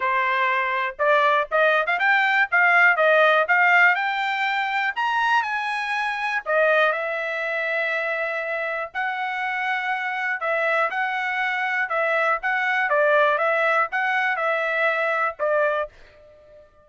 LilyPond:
\new Staff \with { instrumentName = "trumpet" } { \time 4/4 \tempo 4 = 121 c''2 d''4 dis''8. f''16 | g''4 f''4 dis''4 f''4 | g''2 ais''4 gis''4~ | gis''4 dis''4 e''2~ |
e''2 fis''2~ | fis''4 e''4 fis''2 | e''4 fis''4 d''4 e''4 | fis''4 e''2 d''4 | }